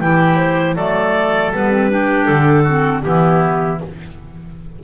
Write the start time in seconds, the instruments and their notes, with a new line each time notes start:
0.00 double bass E3, clarinet E4 G5, oboe G4
0.37 clarinet C5
0.76 double bass F#3, clarinet A3 D5, oboe A4
1.53 double bass G3, clarinet B3 B4
1.72 clarinet C4
1.90 clarinet D4, oboe G4
2.25 double bass D3, clarinet A4
2.64 clarinet C4, oboe F#4
3.02 double bass E3, clarinet B3 G4, oboe E4